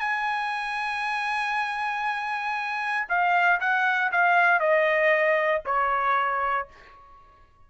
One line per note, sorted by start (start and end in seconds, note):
0.00 3.08 G#5
3.09 3.60 F5
3.60 4.11 F#5
4.12 4.60 F5
4.60 5.62 D#5
5.65 6.68 C#5